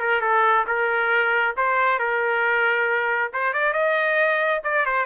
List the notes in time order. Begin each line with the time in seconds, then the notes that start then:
0.00 A#4
0.21 A4
0.67 A#4
1.57 C5
2.00 A#4
3.33 C5
3.54 D5
3.73 D#5
4.64 D5
4.86 C5